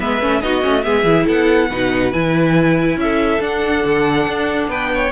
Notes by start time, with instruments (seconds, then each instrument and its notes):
0.00 cello G#3, viola B3, violin B4 E5
0.21 cello A3, viola C#4
0.42 cello B3, viola D#4, violin F#4 D#5
0.62 cello A3, viola C#4
0.83 cello G#3, viola B3, violin G#4 E5
1.04 cello E3, viola E4
1.26 cello B3, violin A4 F#5
1.70 cello B2, viola D#4, violin B4
2.13 cello E3, viola E4, violin G#5
2.96 cello C#4, violin E5
3.03 violin A4
3.40 viola D4, cello D4, violin F#5
3.85 cello D3
4.27 cello D4
4.68 cello B3, violin B4 G5
4.95 violin C#5